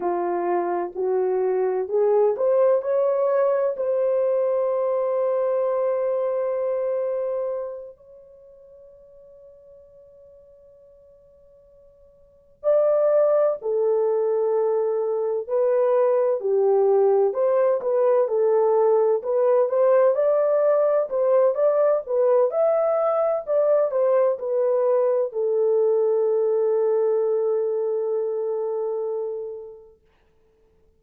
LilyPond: \new Staff \with { instrumentName = "horn" } { \time 4/4 \tempo 4 = 64 f'4 fis'4 gis'8 c''8 cis''4 | c''1~ | c''8 cis''2.~ cis''8~ | cis''4. d''4 a'4.~ |
a'8 b'4 g'4 c''8 b'8 a'8~ | a'8 b'8 c''8 d''4 c''8 d''8 b'8 | e''4 d''8 c''8 b'4 a'4~ | a'1 | }